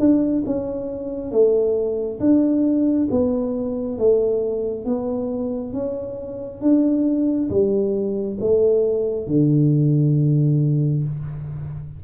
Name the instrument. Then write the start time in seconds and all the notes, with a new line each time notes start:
tuba
0.00 D4
0.47 C#4
1.32 A3
2.20 D4
3.11 B3
3.99 A3
4.85 B3
5.74 C#4
6.61 D4
7.50 G3
8.41 A3
9.27 D3